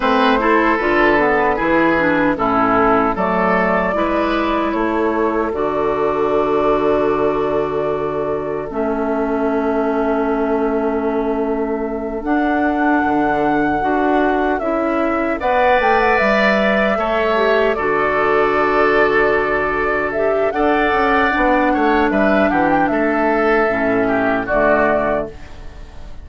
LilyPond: <<
  \new Staff \with { instrumentName = "flute" } { \time 4/4 \tempo 4 = 76 c''4 b'2 a'4 | d''2 cis''4 d''4~ | d''2. e''4~ | e''2.~ e''8 fis''8~ |
fis''2~ fis''8 e''4 fis''8 | g''16 fis''16 e''2 d''4.~ | d''4. e''8 fis''2 | e''8 fis''16 g''16 e''2 d''4 | }
  \new Staff \with { instrumentName = "oboe" } { \time 4/4 b'8 a'4. gis'4 e'4 | a'4 b'4 a'2~ | a'1~ | a'1~ |
a'2.~ a'8 d''8~ | d''4. cis''4 a'4.~ | a'2 d''4. cis''8 | b'8 g'8 a'4. g'8 fis'4 | }
  \new Staff \with { instrumentName = "clarinet" } { \time 4/4 c'8 e'8 f'8 b8 e'8 d'8 cis'4 | a4 e'2 fis'4~ | fis'2. cis'4~ | cis'2.~ cis'8 d'8~ |
d'4. fis'4 e'4 b'8~ | b'4. a'8 g'8 fis'4.~ | fis'4. g'8 a'4 d'4~ | d'2 cis'4 a4 | }
  \new Staff \with { instrumentName = "bassoon" } { \time 4/4 a4 d4 e4 a,4 | fis4 gis4 a4 d4~ | d2. a4~ | a2.~ a8 d'8~ |
d'8 d4 d'4 cis'4 b8 | a8 g4 a4 d4.~ | d2 d'8 cis'8 b8 a8 | g8 e8 a4 a,4 d4 | }
>>